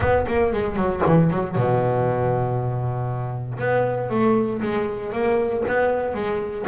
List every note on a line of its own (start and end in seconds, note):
0.00 0.26 B3
0.27 0.52 A#3
0.52 0.76 G#3
0.76 1.01 F#3
1.06 1.30 E3
1.30 1.55 F#3
1.55 3.58 B2
3.58 4.10 B3
4.10 4.61 A3
4.61 5.12 G#3
5.12 5.63 A#3
5.67 6.14 B3
6.14 6.65 G#3